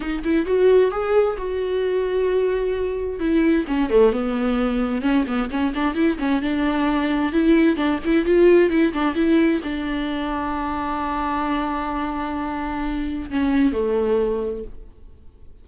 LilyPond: \new Staff \with { instrumentName = "viola" } { \time 4/4 \tempo 4 = 131 dis'8 e'8 fis'4 gis'4 fis'4~ | fis'2. e'4 | cis'8 a8 b2 cis'8 b8 | cis'8 d'8 e'8 cis'8 d'2 |
e'4 d'8 e'8 f'4 e'8 d'8 | e'4 d'2.~ | d'1~ | d'4 cis'4 a2 | }